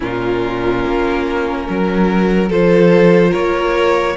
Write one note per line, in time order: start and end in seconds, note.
0.00 0.84 A#2
0.00 2.50 C#4
0.00 1.66 F4
0.00 2.51 A#4
0.84 1.68 A#3
1.69 2.49 F#3
1.69 2.49 A#4
2.49 3.33 F3
2.49 4.16 F4
2.49 3.31 A4
2.49 3.33 C5
3.31 4.16 A#3
3.31 4.14 A#4
3.31 4.16 C#5